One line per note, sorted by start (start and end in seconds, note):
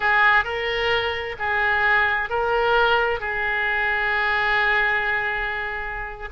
0.00 0.44 G#4
0.44 1.36 A#4
1.38 2.29 G#4
2.29 3.20 A#4
3.20 6.29 G#4